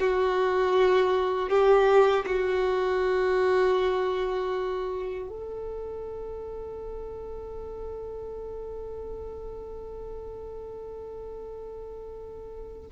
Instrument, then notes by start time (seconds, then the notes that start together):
violin
0.00 F#4
1.49 G4
2.26 F#4
5.29 A4